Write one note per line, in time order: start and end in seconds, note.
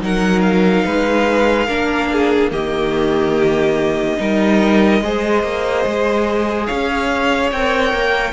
0.00 0.83 F#3
0.00 1.67 D#4
0.00 0.86 A#4
0.00 0.41 F#5
0.41 2.49 F5
0.86 1.68 G#3
0.86 1.67 B4
1.67 2.51 A#3
1.67 2.51 D4
1.67 2.08 A#4
2.12 2.52 G#4
2.51 4.18 D#3
2.51 4.18 A#3
2.51 4.18 G4
2.51 6.66 D#5
4.18 5.02 G3
4.18 5.01 D#4
4.18 5.03 A#4
5.02 5.43 G#3
5.02 7.54 G#4
5.02 6.67 C5
5.44 5.85 A#3
5.86 6.69 G#3
6.66 7.52 C#4
6.66 8.33 C#5
6.66 7.50 F5
7.52 7.94 C4
7.52 8.33 A#4
7.52 8.33 G5
7.94 8.33 A#3